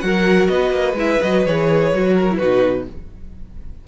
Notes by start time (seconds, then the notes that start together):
0.00 F#3 F#4 A#4 F#5
0.48 B3 B4 D#5
0.70 A#3
0.93 G#3 E4 E5
1.22 F#3 F#4 D#5
1.46 E3 G#4 C#5
1.92 F#3 F#4
2.13 A#4
2.30 E4 B4
2.39 B2 D#4 F#4